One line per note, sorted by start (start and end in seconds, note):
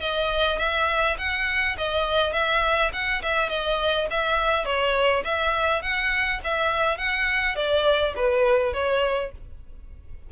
0.00 0.58 D#5
0.58 1.17 E5
1.18 1.76 F#5
1.77 2.33 D#5
2.33 2.91 E5
2.93 3.22 F#5
3.22 3.49 E5
3.49 4.08 D#5
4.10 4.65 E5
4.65 5.23 C#5
5.24 5.82 E5
5.82 6.40 F#5
6.44 6.97 E5
6.97 7.55 F#5
7.55 8.13 D5
8.16 8.73 B4
8.73 9.32 C#5